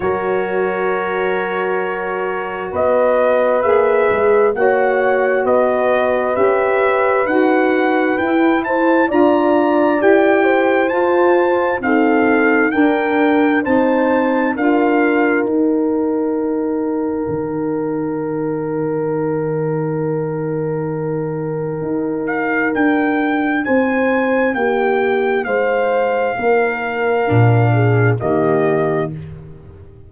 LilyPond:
<<
  \new Staff \with { instrumentName = "trumpet" } { \time 4/4 \tempo 4 = 66 cis''2. dis''4 | e''4 fis''4 dis''4 e''4 | fis''4 g''8 a''8 ais''4 g''4 | a''4 f''4 g''4 a''4 |
f''4 g''2.~ | g''1~ | g''8 f''8 g''4 gis''4 g''4 | f''2. dis''4 | }
  \new Staff \with { instrumentName = "horn" } { \time 4/4 ais'2. b'4~ | b'4 cis''4 b'2~ | b'4. c''8 d''4. c''8~ | c''4 a'4 ais'4 c''4 |
ais'1~ | ais'1~ | ais'2 c''4 g'4 | c''4 ais'4. gis'8 g'4 | }
  \new Staff \with { instrumentName = "saxophone" } { \time 4/4 fis'1 | gis'4 fis'2 g'4 | fis'4 e'4 f'4 g'4 | f'4 c'4 d'4 dis'4 |
f'4 dis'2.~ | dis'1~ | dis'1~ | dis'2 d'4 ais4 | }
  \new Staff \with { instrumentName = "tuba" } { \time 4/4 fis2. b4 | ais8 gis8 ais4 b4 cis'4 | dis'4 e'4 d'4 e'4 | f'4 dis'4 d'4 c'4 |
d'4 dis'2 dis4~ | dis1 | dis'4 d'4 c'4 ais4 | gis4 ais4 ais,4 dis4 | }
>>